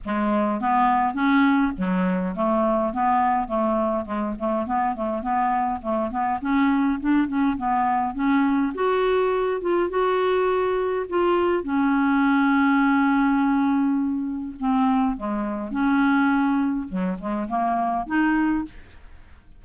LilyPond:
\new Staff \with { instrumentName = "clarinet" } { \time 4/4 \tempo 4 = 103 gis4 b4 cis'4 fis4 | a4 b4 a4 gis8 a8 | b8 a8 b4 a8 b8 cis'4 | d'8 cis'8 b4 cis'4 fis'4~ |
fis'8 f'8 fis'2 f'4 | cis'1~ | cis'4 c'4 gis4 cis'4~ | cis'4 fis8 gis8 ais4 dis'4 | }